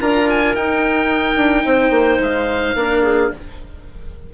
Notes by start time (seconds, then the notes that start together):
0.00 D4 F4 A#4 A#5
0.30 G#5
0.55 D#4 G5
1.36 D4
1.65 C4 C5
1.91 A#3
2.19 G#3 F5
2.75 A#3 D4 A#4
3.03 G#4